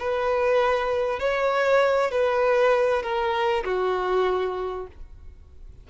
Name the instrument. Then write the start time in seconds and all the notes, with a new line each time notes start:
violin
0.00 B4
1.20 C#5
2.12 B4
3.03 A#4
3.65 F#4